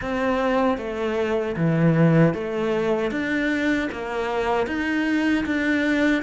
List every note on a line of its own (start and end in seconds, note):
0.01 0.77 C4
0.77 1.55 A3
1.56 2.33 E3
2.33 3.11 A3
3.11 3.89 D4
3.91 4.66 A#3
4.66 5.44 D#4
5.45 6.22 D4